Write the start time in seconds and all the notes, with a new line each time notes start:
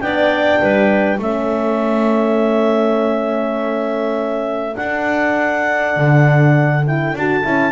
0.00 B3 D4 D5 G5
0.61 G3 B4
1.19 A3 C#4 A4 E5
4.75 D4 F#5
5.96 D3
6.87 E4 G5
7.13 D4 F#4 A5
7.44 C#4 E4